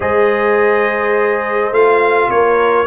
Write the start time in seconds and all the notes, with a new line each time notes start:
0.00 G#3 G#4 C5 D#5
1.71 A3 F4 F5
2.29 A#3 A#4 C#5